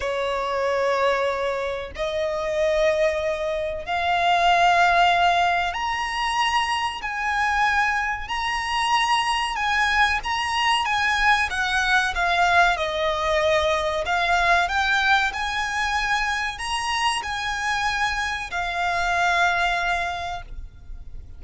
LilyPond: \new Staff \with { instrumentName = "violin" } { \time 4/4 \tempo 4 = 94 cis''2. dis''4~ | dis''2 f''2~ | f''4 ais''2 gis''4~ | gis''4 ais''2 gis''4 |
ais''4 gis''4 fis''4 f''4 | dis''2 f''4 g''4 | gis''2 ais''4 gis''4~ | gis''4 f''2. | }